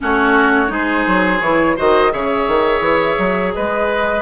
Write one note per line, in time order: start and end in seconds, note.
0.00 0.70 A3
0.00 0.67 C#4
0.00 0.72 F#4
0.00 0.73 C#5
0.67 1.05 G#3
0.67 1.38 D#4
0.67 1.76 G#4
0.67 1.41 C5
1.06 1.41 F#3
1.41 1.76 E3
1.41 1.76 E4
1.41 1.76 C#5
1.76 2.13 D#3
1.76 2.10 F#4
1.76 2.11 C5
1.76 2.12 D#5
2.10 2.47 C#3
2.10 4.21 G#4
2.10 3.53 C#5
2.10 3.53 E5
2.47 2.80 D#3
2.80 3.15 E3
3.19 3.54 F#3
3.53 4.21 G#3
3.53 4.21 B4
3.53 4.21 D#5